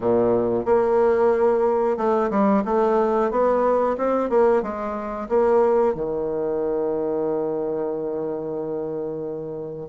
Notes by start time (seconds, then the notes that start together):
0.00 A#2
0.65 A#3
1.97 A3
2.30 G3
2.64 A3
3.30 B3
3.97 C4
4.29 A#3
4.62 G#3
5.28 A#3
5.94 D#3